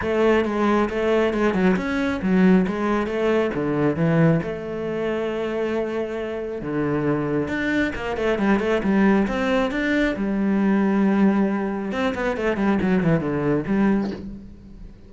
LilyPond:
\new Staff \with { instrumentName = "cello" } { \time 4/4 \tempo 4 = 136 a4 gis4 a4 gis8 fis8 | cis'4 fis4 gis4 a4 | d4 e4 a2~ | a2. d4~ |
d4 d'4 ais8 a8 g8 a8 | g4 c'4 d'4 g4~ | g2. c'8 b8 | a8 g8 fis8 e8 d4 g4 | }